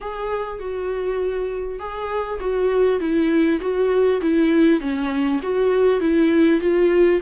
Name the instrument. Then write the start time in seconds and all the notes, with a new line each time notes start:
viola
0.00 G#4
0.59 F#4
1.79 G#4
2.40 F#4
3.00 E4
3.61 F#4
4.21 E4
4.80 C#4
5.42 F#4
6.00 E4
6.60 F4